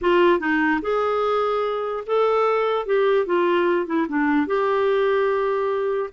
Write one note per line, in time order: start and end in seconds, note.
0.01 0.39 F4
0.39 0.80 D#4
0.81 2.04 G#4
2.06 2.86 A4
2.86 3.26 G4
3.26 3.86 F4
3.86 4.06 E4
4.08 4.47 D4
4.47 6.10 G4